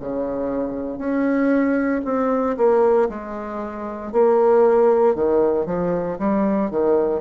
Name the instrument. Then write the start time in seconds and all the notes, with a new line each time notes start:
bassoon
0.00 C#3
0.98 C#4
2.05 C4
2.57 A#3
3.09 G#3
4.12 A#3
5.15 D#3
5.66 F3
6.19 G3
6.71 D#3